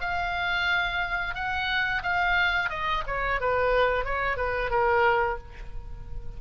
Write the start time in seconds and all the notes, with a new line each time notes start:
0.00 F5
1.35 F#5
2.02 F5
2.69 D#5
3.06 C#5
3.40 B4
4.04 C#5
4.36 B4
4.70 A#4